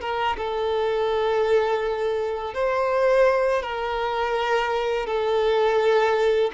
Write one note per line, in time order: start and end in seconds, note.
0.00 0.36 A#4
0.37 2.54 A4
2.54 3.62 C5
3.62 5.06 A#4
5.06 6.51 A4